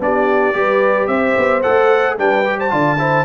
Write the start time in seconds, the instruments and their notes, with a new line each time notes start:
0.00 tuba B3, trombone D4, horn G4, trumpet D5
0.53 tuba G3, trombone G4, horn B4
1.07 tuba C4, horn C5, trumpet E5
1.38 tuba B3
1.63 tuba A3, trombone A4, trumpet F#5
2.18 tuba G3, trombone D4, horn B4, trumpet G5
2.45 trombone G4
2.59 horn C5, trumpet A5
2.70 tuba D3, trombone F4, horn D5
2.99 trombone E4, horn C5